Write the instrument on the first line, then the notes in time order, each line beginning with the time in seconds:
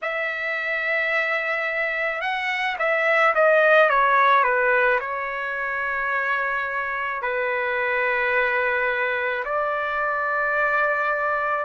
trumpet
0.02 E5
2.21 F#5
2.78 E5
3.34 D#5
3.89 C#5
4.43 B4
4.99 C#5
7.22 B4
9.44 D5